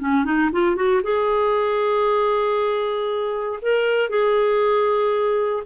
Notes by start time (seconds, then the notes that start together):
0.00 C#4
0.25 D#4
0.53 F4
0.76 F#4
1.03 G#4
3.62 A#4
4.10 G#4